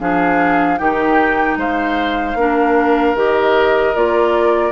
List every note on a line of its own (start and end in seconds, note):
0.00 0.79 F3
0.00 0.78 D4
0.00 0.79 G#4
0.00 0.78 F5
0.78 1.56 D#3
0.78 2.36 D#4
0.78 1.58 G4
0.78 1.57 G5
1.56 2.35 G#3
1.56 2.37 C5
1.56 3.17 F5
2.35 3.13 A#3
2.35 3.16 D4
2.35 4.72 A#4
3.14 3.93 D#3
3.14 3.95 G4
3.14 3.95 D#5
3.95 4.72 A#3
3.95 4.72 F4
3.95 4.72 D5